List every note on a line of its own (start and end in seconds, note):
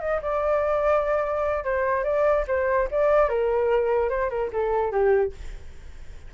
0.00 0.20 D#5
0.22 1.64 D5
1.64 2.04 C5
2.04 2.45 D5
2.47 2.88 C5
2.91 3.29 D5
3.29 4.09 A#4
4.09 4.30 C5
4.30 4.50 A#4
4.53 4.91 A4
4.91 5.32 G4